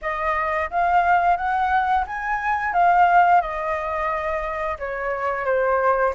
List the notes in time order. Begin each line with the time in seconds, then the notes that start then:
0.01 D#5
0.70 F5
1.36 F#5
2.06 G#5
2.73 F5
3.41 D#5
4.79 C#5
5.45 C5